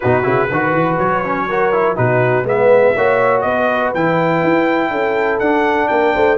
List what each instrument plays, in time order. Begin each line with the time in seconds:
0.00 tuba B2, trombone D#4, horn F#4, trumpet B4
0.23 tuba C#3, trombone E4
0.47 tuba D#3, trombone F#4, horn B4
0.73 tuba E3
0.98 tuba F#3, trumpet C#5
1.24 trombone C#4
1.48 trombone F#4, horn A#4
1.73 trombone E4
1.95 tuba B2, trombone D#4, horn F#4, trumpet B4
2.43 tuba G#3, trombone B3, horn B4, trumpet E5
2.95 tuba A#3, trombone F#4, horn C#5
3.41 tuba B3, horn B4, trumpet D#5
3.94 tuba E3, trombone E4, trumpet G5
4.43 tuba E4
4.90 tuba C#4, horn A4
5.39 tuba D4, trombone D4, trumpet F#5
5.88 tuba A#3, horn A#4, trumpet G5
6.13 tuba A3, horn C5